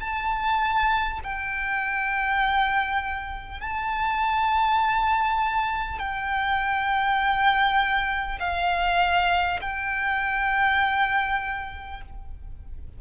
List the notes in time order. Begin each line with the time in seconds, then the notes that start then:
0.00 A5
1.23 G5
3.61 A5
5.99 G5
8.40 F5
9.61 G5